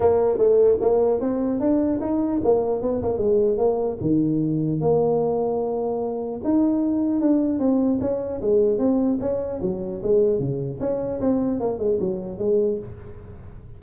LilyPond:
\new Staff \with { instrumentName = "tuba" } { \time 4/4 \tempo 4 = 150 ais4 a4 ais4 c'4 | d'4 dis'4 ais4 b8 ais8 | gis4 ais4 dis2 | ais1 |
dis'2 d'4 c'4 | cis'4 gis4 c'4 cis'4 | fis4 gis4 cis4 cis'4 | c'4 ais8 gis8 fis4 gis4 | }